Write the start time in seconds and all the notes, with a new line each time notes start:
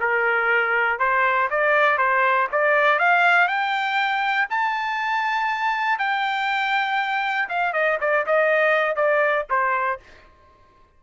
0.00 A#4
0.99 C5
1.50 D5
1.98 C5
2.51 D5
2.99 F5
3.47 G5
4.50 A5
5.98 G5
7.49 F5
7.73 D#5
8.00 D5
8.26 D#5
8.95 D5
9.49 C5